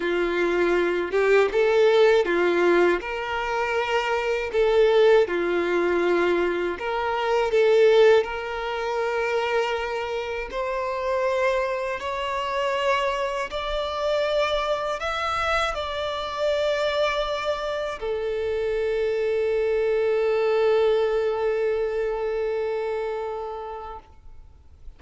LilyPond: \new Staff \with { instrumentName = "violin" } { \time 4/4 \tempo 4 = 80 f'4. g'8 a'4 f'4 | ais'2 a'4 f'4~ | f'4 ais'4 a'4 ais'4~ | ais'2 c''2 |
cis''2 d''2 | e''4 d''2. | a'1~ | a'1 | }